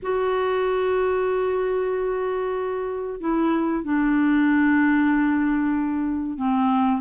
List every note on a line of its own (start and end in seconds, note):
0.02 3.20 F#4
3.20 3.84 E4
3.84 6.37 D4
6.37 7.01 C4